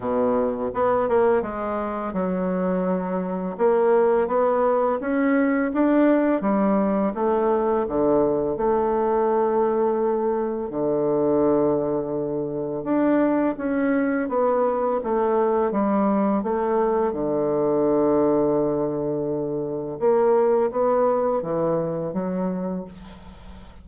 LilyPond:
\new Staff \with { instrumentName = "bassoon" } { \time 4/4 \tempo 4 = 84 b,4 b8 ais8 gis4 fis4~ | fis4 ais4 b4 cis'4 | d'4 g4 a4 d4 | a2. d4~ |
d2 d'4 cis'4 | b4 a4 g4 a4 | d1 | ais4 b4 e4 fis4 | }